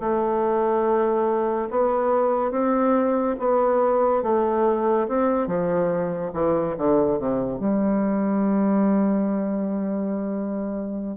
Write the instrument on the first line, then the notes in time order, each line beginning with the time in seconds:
bassoon
0.00 A3
1.71 B3
2.51 C4
3.40 B3
4.23 A3
5.09 C4
5.47 F3
6.33 E3
6.78 D3
7.19 C3
7.60 G3